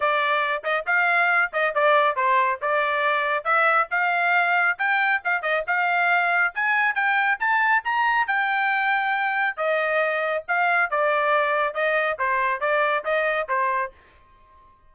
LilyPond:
\new Staff \with { instrumentName = "trumpet" } { \time 4/4 \tempo 4 = 138 d''4. dis''8 f''4. dis''8 | d''4 c''4 d''2 | e''4 f''2 g''4 | f''8 dis''8 f''2 gis''4 |
g''4 a''4 ais''4 g''4~ | g''2 dis''2 | f''4 d''2 dis''4 | c''4 d''4 dis''4 c''4 | }